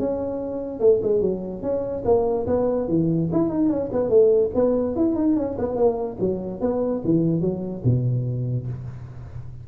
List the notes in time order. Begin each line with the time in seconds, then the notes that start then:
0.00 C#4
0.80 A3
1.03 G#3
1.22 F#3
1.63 C#4
2.05 A#3
2.47 B3
2.89 E3
3.33 E4
3.50 D#4
3.70 C#4
3.93 B3
4.10 A3
4.55 B3
4.96 E4
5.16 D#4
5.37 C#4
5.59 B3
5.76 A#3
6.20 F#3
6.61 B3
7.05 E3
7.41 F#3
7.85 B2